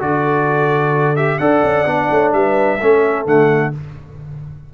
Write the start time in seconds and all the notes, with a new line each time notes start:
0.00 D3 F#4 A4 D5
1.16 G4 E5
1.39 D4 A4 D5 F#5
1.64 C#4
1.86 B3 D4
2.11 A3 C#5
2.33 G3 B4 E5
2.80 A3 C#4 A4
3.26 D3 A3 F#5